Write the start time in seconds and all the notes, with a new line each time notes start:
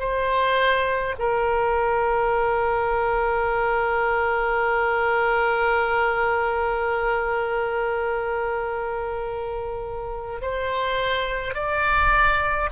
0.00 C5
1.19 A#4
10.42 C5
11.54 D5